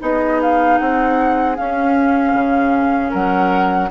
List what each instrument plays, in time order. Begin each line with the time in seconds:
0.00 bassoon B3, clarinet D#4, oboe G#4, flute D#5
0.42 flute F5
0.79 bassoon C4, flute F#5
1.57 clarinet C#4, bassoon C#4, flute F5
2.34 bassoon C#3
3.10 bassoon F#3, oboe A#4, flute F#5